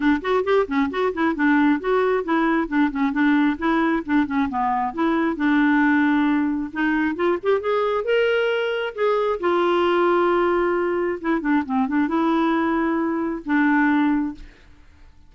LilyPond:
\new Staff \with { instrumentName = "clarinet" } { \time 4/4 \tempo 4 = 134 d'8 fis'8 g'8 cis'8 fis'8 e'8 d'4 | fis'4 e'4 d'8 cis'8 d'4 | e'4 d'8 cis'8 b4 e'4 | d'2. dis'4 |
f'8 g'8 gis'4 ais'2 | gis'4 f'2.~ | f'4 e'8 d'8 c'8 d'8 e'4~ | e'2 d'2 | }